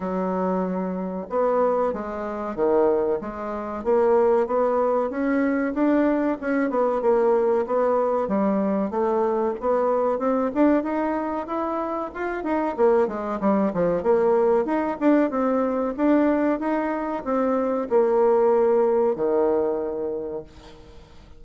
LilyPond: \new Staff \with { instrumentName = "bassoon" } { \time 4/4 \tempo 4 = 94 fis2 b4 gis4 | dis4 gis4 ais4 b4 | cis'4 d'4 cis'8 b8 ais4 | b4 g4 a4 b4 |
c'8 d'8 dis'4 e'4 f'8 dis'8 | ais8 gis8 g8 f8 ais4 dis'8 d'8 | c'4 d'4 dis'4 c'4 | ais2 dis2 | }